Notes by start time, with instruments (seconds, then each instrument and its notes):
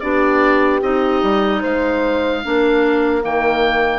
0.00 bassoon B3, clarinet D4, horn G4, oboe D5
0.82 bassoon C4, clarinet D#4, oboe D#5
1.22 bassoon G3
1.60 bassoon G#3, horn C5, oboe F5
2.44 bassoon A#3, clarinet D4, horn A#4
3.22 bassoon D#3, clarinet A#3, oboe G5